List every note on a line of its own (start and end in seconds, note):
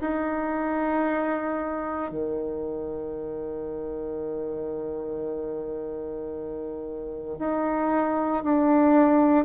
0.00 2.11 D#4
2.11 7.37 D#3
7.39 8.43 D#4
8.43 9.44 D4